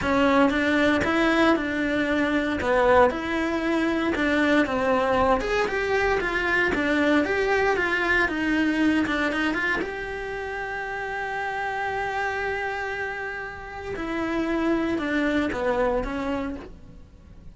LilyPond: \new Staff \with { instrumentName = "cello" } { \time 4/4 \tempo 4 = 116 cis'4 d'4 e'4 d'4~ | d'4 b4 e'2 | d'4 c'4. gis'8 g'4 | f'4 d'4 g'4 f'4 |
dis'4. d'8 dis'8 f'8 g'4~ | g'1~ | g'2. e'4~ | e'4 d'4 b4 cis'4 | }